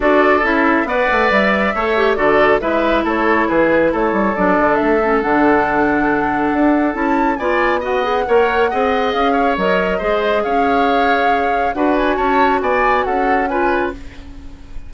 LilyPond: <<
  \new Staff \with { instrumentName = "flute" } { \time 4/4 \tempo 4 = 138 d''4 e''4 fis''4 e''4~ | e''4 d''4 e''4 cis''4 | b'4 cis''4 d''4 e''4 | fis''1 |
a''4 gis''4 fis''2~ | fis''4 f''4 dis''2 | f''2. fis''8 gis''8 | a''4 gis''4 fis''4 gis''4 | }
  \new Staff \with { instrumentName = "oboe" } { \time 4/4 a'2 d''2 | cis''4 a'4 b'4 a'4 | gis'4 a'2.~ | a'1~ |
a'4 d''4 dis''4 cis''4 | dis''4. cis''4. c''4 | cis''2. b'4 | cis''4 d''4 a'4 b'4 | }
  \new Staff \with { instrumentName = "clarinet" } { \time 4/4 fis'4 e'4 b'2 | a'8 g'8 fis'4 e'2~ | e'2 d'4. cis'8 | d'1 |
e'4 f'4 fis'8 gis'8 ais'4 | gis'2 ais'4 gis'4~ | gis'2. fis'4~ | fis'2. f'4 | }
  \new Staff \with { instrumentName = "bassoon" } { \time 4/4 d'4 cis'4 b8 a8 g4 | a4 d4 gis4 a4 | e4 a8 g8 fis8 d8 a4 | d2. d'4 |
cis'4 b2 ais4 | c'4 cis'4 fis4 gis4 | cis'2. d'4 | cis'4 b4 cis'2 | }
>>